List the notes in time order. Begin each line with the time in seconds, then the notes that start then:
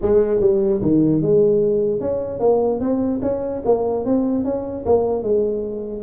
0.01 G#3
0.40 G3
0.82 D#3
1.22 G#3
2.00 C#4
2.39 A#3
2.80 C4
3.22 C#4
3.65 A#3
4.05 C4
4.44 C#4
4.85 A#3
5.23 G#3